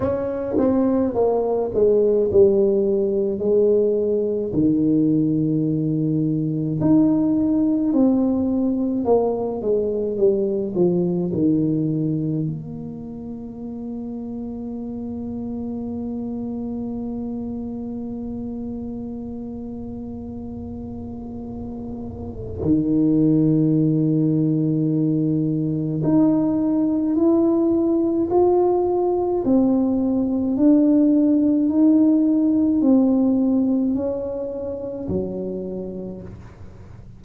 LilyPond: \new Staff \with { instrumentName = "tuba" } { \time 4/4 \tempo 4 = 53 cis'8 c'8 ais8 gis8 g4 gis4 | dis2 dis'4 c'4 | ais8 gis8 g8 f8 dis4 ais4~ | ais1~ |
ais1 | dis2. dis'4 | e'4 f'4 c'4 d'4 | dis'4 c'4 cis'4 fis4 | }